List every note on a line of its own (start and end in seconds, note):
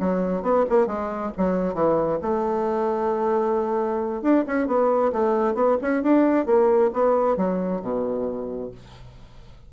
0.00 0.42 F#3
0.42 0.65 B3
0.70 0.87 A#3
0.87 1.32 G#3
1.37 1.74 F#3
1.74 2.19 E3
2.22 4.22 A3
4.22 4.45 D4
4.47 4.67 C#4
4.67 5.12 B3
5.13 5.54 A3
5.54 5.77 B3
5.81 6.03 C#4
6.03 6.46 D4
6.46 6.91 A#3
6.93 7.37 B3
7.37 7.82 F#3
7.82 8.71 B2